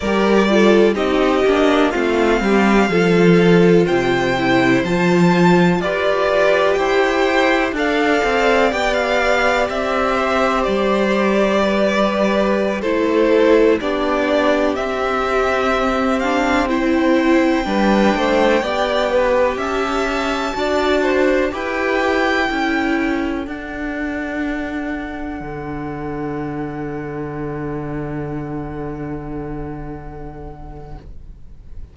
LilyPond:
<<
  \new Staff \with { instrumentName = "violin" } { \time 4/4 \tempo 4 = 62 d''4 dis''4 f''2 | g''4 a''4 d''4 g''4 | f''4 g''16 f''8. e''4 d''4~ | d''4~ d''16 c''4 d''4 e''8.~ |
e''8. f''8 g''2~ g''8.~ | g''16 a''2 g''4.~ g''16~ | g''16 fis''2.~ fis''8.~ | fis''1 | }
  \new Staff \with { instrumentName = "violin" } { \time 4/4 ais'8 a'8 g'4 f'8 g'8 a'4 | c''2 b'4 c''4 | d''2~ d''8 c''4. | b'4~ b'16 a'4 g'4.~ g'16~ |
g'4~ g'16 c''4 b'8 c''8 d''8 b'16~ | b'16 e''4 d''8 c''8 b'4 a'8.~ | a'1~ | a'1 | }
  \new Staff \with { instrumentName = "viola" } { \time 4/4 g'8 f'8 dis'8 d'8 c'4 f'4~ | f'8 e'8 f'4 g'2 | a'4 g'2.~ | g'4~ g'16 e'4 d'4 c'8.~ |
c'8. d'8 e'4 d'4 g'8.~ | g'4~ g'16 fis'4 g'4 e'8.~ | e'16 d'2.~ d'8.~ | d'1 | }
  \new Staff \with { instrumentName = "cello" } { \time 4/4 g4 c'8 ais8 a8 g8 f4 | c4 f4 f'4 e'4 | d'8 c'8 b4 c'4 g4~ | g4~ g16 a4 b4 c'8.~ |
c'2~ c'16 g8 a8 b8.~ | b16 cis'4 d'4 e'4 cis'8.~ | cis'16 d'2 d4.~ d16~ | d1 | }
>>